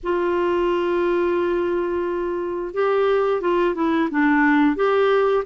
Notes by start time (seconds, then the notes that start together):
0.03 F4
2.74 G4
3.41 F4
3.75 E4
4.10 D4
4.75 G4